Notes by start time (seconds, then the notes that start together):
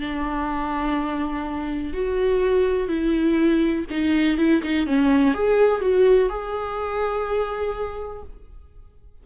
0.00 D4
1.93 F#4
2.88 E4
3.90 D#4
4.37 E4
4.62 D#4
4.86 C#4
5.34 G#4
5.80 F#4
6.29 G#4